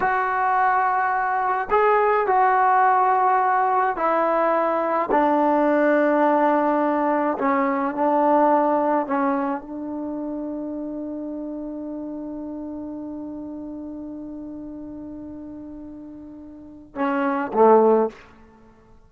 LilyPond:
\new Staff \with { instrumentName = "trombone" } { \time 4/4 \tempo 4 = 106 fis'2. gis'4 | fis'2. e'4~ | e'4 d'2.~ | d'4 cis'4 d'2 |
cis'4 d'2.~ | d'1~ | d'1~ | d'2 cis'4 a4 | }